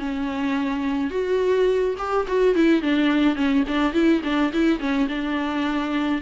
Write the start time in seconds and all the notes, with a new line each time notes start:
0.00 C#4
1.11 F#4
1.99 G4
2.28 F#4
2.56 E4
2.83 D4
3.36 C#4
3.68 D4
3.94 E4
4.24 D4
4.53 E4
4.80 C#4
5.09 D4